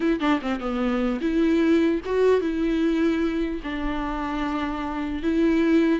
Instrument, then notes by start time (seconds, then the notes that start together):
viola
0.00 E4
0.19 D4
0.41 C4
0.59 B3
1.20 E4
2.05 F#4
2.40 E4
3.63 D4
5.23 E4